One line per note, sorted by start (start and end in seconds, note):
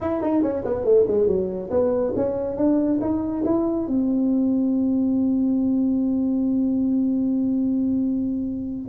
0.01 0.21 E4
0.21 0.42 D#4
0.42 0.64 C#4
0.64 0.84 B3
0.84 1.05 A3
1.07 1.27 G#3
1.27 1.70 F#3
1.70 2.13 B3
2.15 2.56 C#4
2.56 2.99 D4
3.01 3.44 D#4
3.44 3.87 E4
3.87 8.88 C4